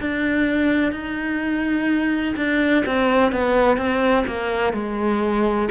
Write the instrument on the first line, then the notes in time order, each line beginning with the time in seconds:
cello
0.00 D4
0.91 D#4
2.36 D4
2.86 C4
3.32 B3
3.77 C4
4.26 A#3
4.73 G#3